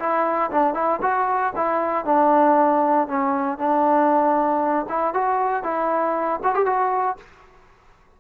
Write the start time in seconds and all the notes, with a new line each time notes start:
0.00 E4
0.51 D4
0.75 E4
1.02 F#4
1.56 E4
2.06 D4
3.08 C#4
3.59 D4
4.90 E4
5.14 F#4
5.64 E4
6.44 F#4
6.55 G4
6.66 F#4